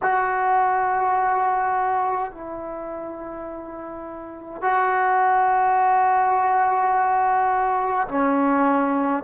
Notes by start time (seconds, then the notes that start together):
0.02 F#4
2.32 E4
4.61 F#4
8.08 C#4